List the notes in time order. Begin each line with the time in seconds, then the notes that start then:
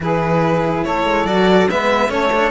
0.00 E3 E4 G#4 B4
0.84 A3 A4 C#5
1.05 G#3
1.25 F#3 F#4 D5
1.69 G#3 B3 B4 E5
2.08 A3 C#4 A4 C#5
2.32 D4